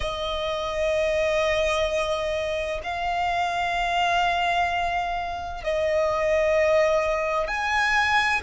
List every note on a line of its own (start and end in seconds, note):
0.00 2.80 D#5
2.83 5.63 F5
5.63 7.47 D#5
7.47 8.41 G#5